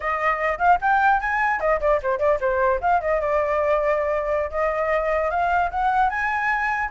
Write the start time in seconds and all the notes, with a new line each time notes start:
0.00 D#5
0.58 F5
0.81 G5
1.20 G#5
1.59 D#5
1.80 D5
2.02 C5
2.18 D5
2.40 C5
2.80 F5
3.00 D#5
3.20 D5
4.50 D#5
5.30 F5
5.71 F#5
6.09 G#5